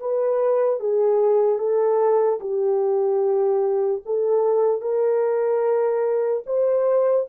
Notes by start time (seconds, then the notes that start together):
0.00 B4
0.80 G#4
1.58 A4
2.40 G4
4.05 A4
4.82 A#4
6.46 C5